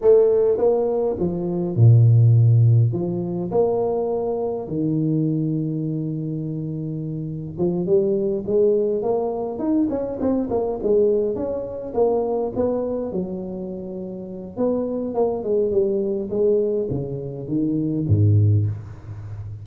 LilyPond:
\new Staff \with { instrumentName = "tuba" } { \time 4/4 \tempo 4 = 103 a4 ais4 f4 ais,4~ | ais,4 f4 ais2 | dis1~ | dis4 f8 g4 gis4 ais8~ |
ais8 dis'8 cis'8 c'8 ais8 gis4 cis'8~ | cis'8 ais4 b4 fis4.~ | fis4 b4 ais8 gis8 g4 | gis4 cis4 dis4 gis,4 | }